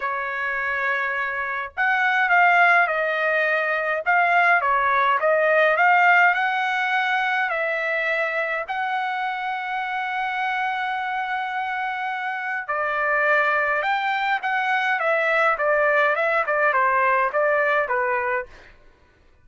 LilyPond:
\new Staff \with { instrumentName = "trumpet" } { \time 4/4 \tempo 4 = 104 cis''2. fis''4 | f''4 dis''2 f''4 | cis''4 dis''4 f''4 fis''4~ | fis''4 e''2 fis''4~ |
fis''1~ | fis''2 d''2 | g''4 fis''4 e''4 d''4 | e''8 d''8 c''4 d''4 b'4 | }